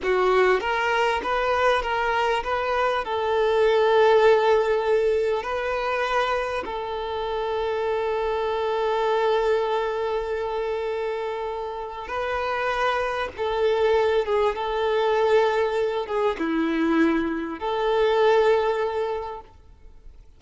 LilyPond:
\new Staff \with { instrumentName = "violin" } { \time 4/4 \tempo 4 = 99 fis'4 ais'4 b'4 ais'4 | b'4 a'2.~ | a'4 b'2 a'4~ | a'1~ |
a'1 | b'2 a'4. gis'8 | a'2~ a'8 gis'8 e'4~ | e'4 a'2. | }